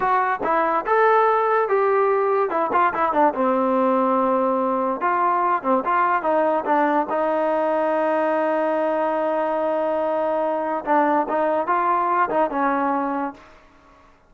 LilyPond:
\new Staff \with { instrumentName = "trombone" } { \time 4/4 \tempo 4 = 144 fis'4 e'4 a'2 | g'2 e'8 f'8 e'8 d'8 | c'1 | f'4. c'8 f'4 dis'4 |
d'4 dis'2.~ | dis'1~ | dis'2 d'4 dis'4 | f'4. dis'8 cis'2 | }